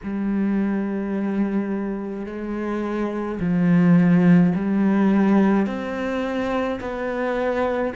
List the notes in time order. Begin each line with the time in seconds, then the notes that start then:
0.03 G3
2.25 G#3
3.40 F3
4.55 G3
5.66 C4
6.80 B3